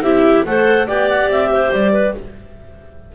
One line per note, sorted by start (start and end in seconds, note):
0.00 0.42 C4
0.00 0.45 E4
0.00 0.45 G4
0.00 0.44 E5
0.45 0.88 A3
0.45 0.88 A4
0.45 0.87 C5
0.45 0.87 F#5
0.87 1.27 B3
0.87 2.13 G4
0.87 1.50 D5
0.87 1.08 G5
1.08 1.29 F#5
1.27 1.69 C4
1.27 1.73 E5
1.52 1.92 C5
1.72 2.14 G3
1.72 2.15 D5
1.92 2.13 B4